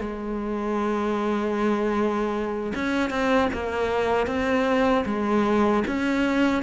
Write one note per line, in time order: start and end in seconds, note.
0.00 2.73 G#3
2.74 3.10 C#4
3.10 3.49 C4
3.53 4.26 A#3
4.26 5.04 C4
5.05 5.83 G#3
5.87 6.63 C#4